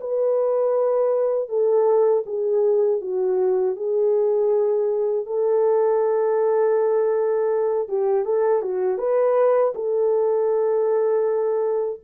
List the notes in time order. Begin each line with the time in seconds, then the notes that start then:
0.00 B4
1.48 A4
2.26 G#4
3.01 F#4
3.76 G#4
5.26 A4
7.88 G4
8.25 A4
8.61 F#4
8.98 B4
9.75 A4